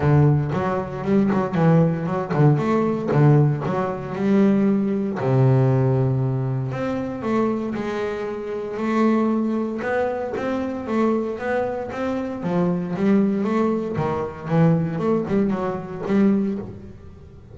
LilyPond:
\new Staff \with { instrumentName = "double bass" } { \time 4/4 \tempo 4 = 116 d4 fis4 g8 fis8 e4 | fis8 d8 a4 d4 fis4 | g2 c2~ | c4 c'4 a4 gis4~ |
gis4 a2 b4 | c'4 a4 b4 c'4 | f4 g4 a4 dis4 | e4 a8 g8 fis4 g4 | }